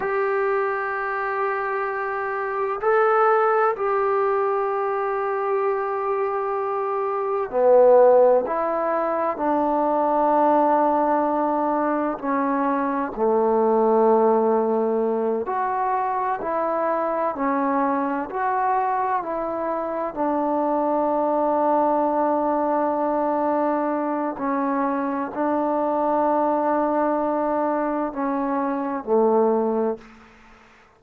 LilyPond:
\new Staff \with { instrumentName = "trombone" } { \time 4/4 \tempo 4 = 64 g'2. a'4 | g'1 | b4 e'4 d'2~ | d'4 cis'4 a2~ |
a8 fis'4 e'4 cis'4 fis'8~ | fis'8 e'4 d'2~ d'8~ | d'2 cis'4 d'4~ | d'2 cis'4 a4 | }